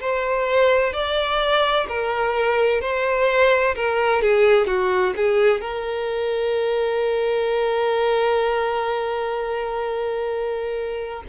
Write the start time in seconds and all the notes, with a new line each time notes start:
0.00 C5
0.92 D5
1.88 A#4
2.81 C5
3.75 A#4
4.21 G#4
4.66 F#4
5.16 G#4
5.61 A#4